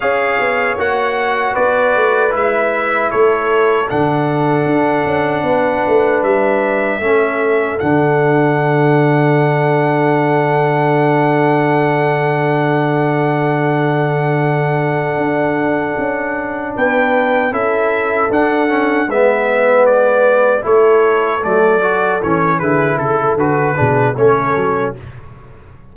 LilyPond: <<
  \new Staff \with { instrumentName = "trumpet" } { \time 4/4 \tempo 4 = 77 f''4 fis''4 d''4 e''4 | cis''4 fis''2. | e''2 fis''2~ | fis''1~ |
fis''1~ | fis''4. g''4 e''4 fis''8~ | fis''8 e''4 d''4 cis''4 d''8~ | d''8 cis''8 b'8 a'8 b'4 cis''4 | }
  \new Staff \with { instrumentName = "horn" } { \time 4/4 cis''2 b'2 | a'2. b'4~ | b'4 a'2.~ | a'1~ |
a'1~ | a'4. b'4 a'4.~ | a'8 b'2 a'4.~ | a'4 gis'8 a'4 gis'8 a'4 | }
  \new Staff \with { instrumentName = "trombone" } { \time 4/4 gis'4 fis'2 e'4~ | e'4 d'2.~ | d'4 cis'4 d'2~ | d'1~ |
d'1~ | d'2~ d'8 e'4 d'8 | cis'8 b2 e'4 a8 | fis'8 cis'8 e'4 fis'8 d'8 cis'4 | }
  \new Staff \with { instrumentName = "tuba" } { \time 4/4 cis'8 b8 ais4 b8 a8 gis4 | a4 d4 d'8 cis'8 b8 a8 | g4 a4 d2~ | d1~ |
d2.~ d8 d'8~ | d'8 cis'4 b4 cis'4 d'8~ | d'8 gis2 a4 fis8~ | fis8 e8 d8 cis8 d8 b,8 a8 fis8 | }
>>